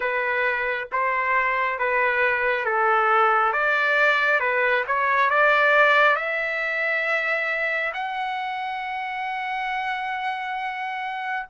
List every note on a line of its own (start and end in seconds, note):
0.00 0.88 B4
0.91 1.78 C5
1.78 2.65 B4
2.65 3.53 A4
3.53 4.40 D5
4.40 4.84 B4
4.87 5.30 C#5
5.30 6.16 D5
6.16 7.92 E5
7.93 11.46 F#5